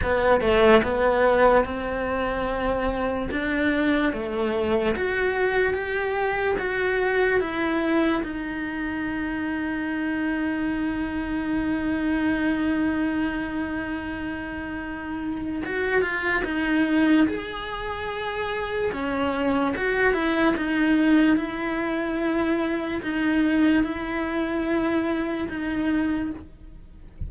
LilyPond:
\new Staff \with { instrumentName = "cello" } { \time 4/4 \tempo 4 = 73 b8 a8 b4 c'2 | d'4 a4 fis'4 g'4 | fis'4 e'4 dis'2~ | dis'1~ |
dis'2. fis'8 f'8 | dis'4 gis'2 cis'4 | fis'8 e'8 dis'4 e'2 | dis'4 e'2 dis'4 | }